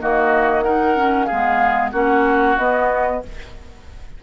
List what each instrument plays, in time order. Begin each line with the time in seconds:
0.00 bassoon D#3, clarinet A#3, oboe F#4, flute D#5
0.63 clarinet D#4, oboe A#4, flute F#5
0.96 clarinet C#4
1.25 oboe G#4, flute F5
1.32 bassoon G#3, clarinet B3
1.92 bassoon A#3, clarinet C#4, oboe F#4, flute F#5
2.58 bassoon B3, clarinet B3, flute D#5